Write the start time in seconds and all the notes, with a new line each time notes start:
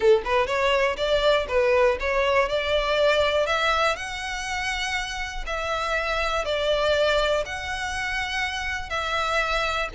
0.00 A4
0.24 B4
0.47 C#5
0.96 D5
1.48 B4
2.00 C#5
2.48 D5
3.46 E5
3.96 F#5
5.46 E5
6.44 D5
7.45 F#5
8.89 E5